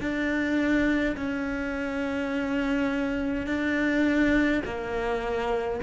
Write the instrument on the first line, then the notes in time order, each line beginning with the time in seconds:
cello
0.00 D4
1.16 C#4
3.46 D4
4.65 A#3